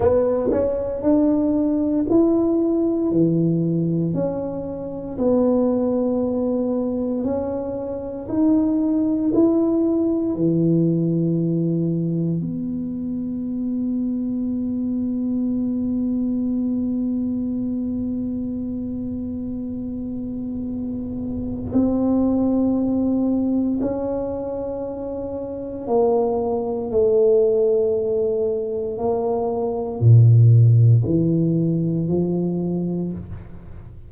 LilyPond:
\new Staff \with { instrumentName = "tuba" } { \time 4/4 \tempo 4 = 58 b8 cis'8 d'4 e'4 e4 | cis'4 b2 cis'4 | dis'4 e'4 e2 | b1~ |
b1~ | b4 c'2 cis'4~ | cis'4 ais4 a2 | ais4 ais,4 e4 f4 | }